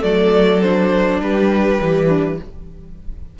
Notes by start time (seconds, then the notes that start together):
0.00 F#3 A3 A4 D5
0.62 D4 C5
1.20 G3 G4 B4
1.79 E3 G3
2.07 D4